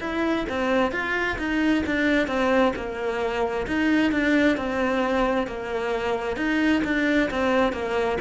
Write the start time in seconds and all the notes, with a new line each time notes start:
0.00 E4
0.49 C4
0.92 F4
1.38 D#4
1.86 D4
2.27 C4
2.76 A#3
3.67 D#4
4.12 D4
4.57 C4
5.47 A#3
6.36 D#4
6.84 D4
7.31 C4
7.72 A#3